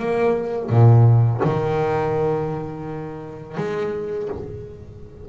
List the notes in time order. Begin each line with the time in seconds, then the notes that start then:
0.00 A#3
0.70 A#2
1.44 D#3
3.58 G#3